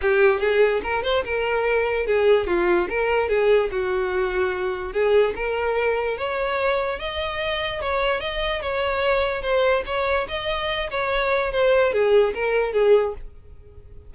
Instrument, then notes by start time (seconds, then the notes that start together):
violin
0.01 G4
0.40 G#4
0.83 A#4
1.03 C5
1.24 A#4
2.06 G#4
2.47 F4
2.89 A#4
3.29 G#4
3.71 F#4
4.92 G#4
5.35 A#4
6.17 C#5
6.99 D#5
7.81 C#5
8.20 D#5
8.61 C#5
9.42 C5
9.86 C#5
10.28 D#5
10.90 C#5
11.52 C5
11.92 G#4
12.34 A#4
12.73 G#4